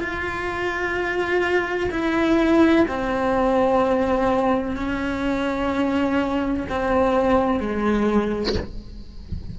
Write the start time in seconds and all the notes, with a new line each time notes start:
0.00 F4
1.91 E4
2.88 C4
4.77 C#4
6.70 C4
7.61 G#3